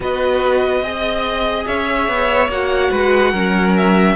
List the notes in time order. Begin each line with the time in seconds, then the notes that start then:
0.00 B3 F#4 B4 D#5
0.82 C4 G#4 D#5
1.67 C#4 C#5 E5
2.08 B3
2.48 A#3 F#4 F#5
2.90 G#3 B4
3.30 F#3 C#4 A#4
3.77 E5